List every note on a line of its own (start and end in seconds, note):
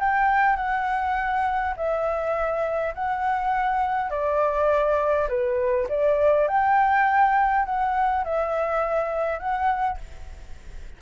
0.00 0.57 G5
0.57 1.74 F#5
1.77 2.94 E5
2.95 4.10 F#5
4.10 5.28 D5
5.29 5.87 B4
5.89 6.48 D5
6.48 7.66 G5
7.66 8.24 F#5
8.24 9.39 E5
9.39 9.98 F#5